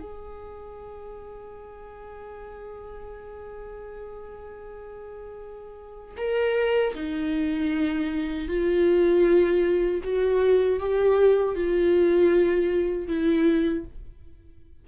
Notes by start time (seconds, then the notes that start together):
0.00 G#4
6.17 A#4
6.94 D#4
8.48 F4
10.03 F#4
10.79 G4
11.55 F4
13.07 E4